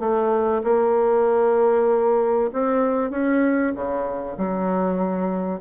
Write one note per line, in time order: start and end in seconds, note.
0.00 0.62 A3
0.64 2.51 A#3
2.53 3.11 C4
3.11 3.74 C#4
3.75 4.38 C#3
4.38 5.61 F#3